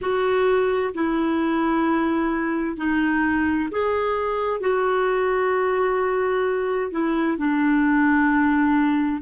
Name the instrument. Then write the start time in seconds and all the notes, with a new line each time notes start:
clarinet
0.01 F#4
0.94 E4
2.77 D#4
3.71 G#4
4.60 F#4
6.91 E4
7.37 D4